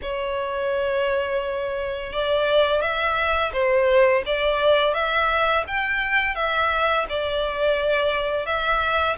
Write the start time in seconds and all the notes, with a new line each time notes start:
0.02 C#5
2.12 D5
2.81 E5
3.52 C5
4.26 D5
4.93 E5
5.67 G5
6.35 E5
7.09 D5
8.45 E5